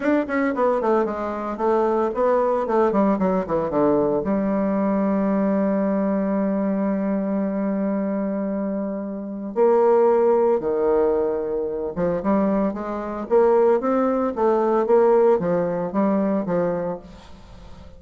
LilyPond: \new Staff \with { instrumentName = "bassoon" } { \time 4/4 \tempo 4 = 113 d'8 cis'8 b8 a8 gis4 a4 | b4 a8 g8 fis8 e8 d4 | g1~ | g1~ |
g2 ais2 | dis2~ dis8 f8 g4 | gis4 ais4 c'4 a4 | ais4 f4 g4 f4 | }